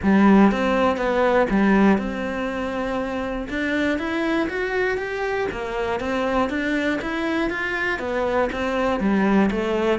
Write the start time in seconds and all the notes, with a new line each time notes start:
0.02 G3
0.51 C4
0.97 B3
1.50 G3
1.98 C4
3.49 D4
3.98 E4
4.49 F#4
4.97 G4
5.51 A#3
6.00 C4
6.49 D4
7.01 E4
7.50 F4
7.99 B3
8.52 C4
9.00 G3
9.50 A3